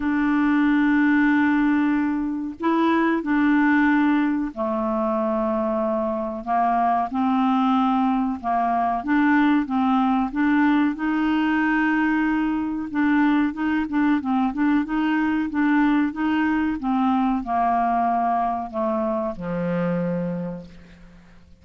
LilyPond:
\new Staff \with { instrumentName = "clarinet" } { \time 4/4 \tempo 4 = 93 d'1 | e'4 d'2 a4~ | a2 ais4 c'4~ | c'4 ais4 d'4 c'4 |
d'4 dis'2. | d'4 dis'8 d'8 c'8 d'8 dis'4 | d'4 dis'4 c'4 ais4~ | ais4 a4 f2 | }